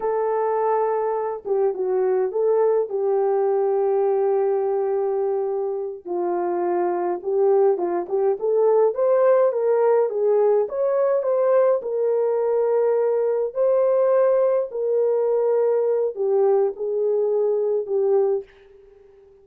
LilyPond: \new Staff \with { instrumentName = "horn" } { \time 4/4 \tempo 4 = 104 a'2~ a'8 g'8 fis'4 | a'4 g'2.~ | g'2~ g'8 f'4.~ | f'8 g'4 f'8 g'8 a'4 c''8~ |
c''8 ais'4 gis'4 cis''4 c''8~ | c''8 ais'2. c''8~ | c''4. ais'2~ ais'8 | g'4 gis'2 g'4 | }